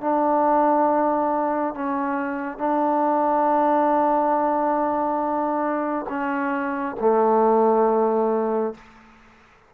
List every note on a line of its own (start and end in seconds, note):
0.00 1.74 D4
1.74 2.58 C#4
2.58 6.06 D4
6.09 6.96 C#4
7.00 8.74 A3